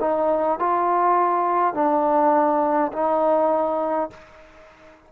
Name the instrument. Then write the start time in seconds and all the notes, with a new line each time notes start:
trombone
0.00 D#4
0.59 F4
1.74 D4
2.93 D#4